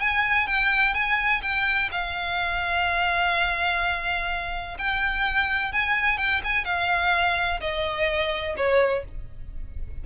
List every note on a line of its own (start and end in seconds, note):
0.00 0.47 G#5
0.47 0.94 G5
0.94 1.41 G#5
1.42 1.89 G5
1.91 4.77 F5
4.78 5.72 G5
5.72 6.17 G#5
6.17 6.41 G5
6.44 6.65 G#5
6.65 7.60 F5
7.60 8.56 D#5
8.57 9.04 C#5